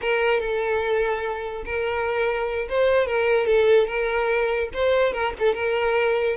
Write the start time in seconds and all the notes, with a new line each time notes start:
0.01 A#4
0.40 A4
1.65 A#4
2.69 C5
3.07 A#4
3.46 A4
3.87 A#4
4.73 C5
5.12 A#4
5.39 A4
5.54 A#4